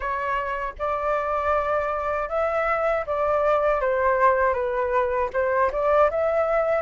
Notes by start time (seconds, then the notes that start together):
0.00 C#5
0.78 D5
2.28 E5
3.06 D5
3.80 C5
4.53 B4
5.33 C5
5.72 D5
6.10 E5